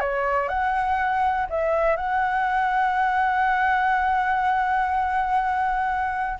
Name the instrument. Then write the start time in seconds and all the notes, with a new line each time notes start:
flute
0.00 C#5
0.48 F#5
1.49 E5
1.96 F#5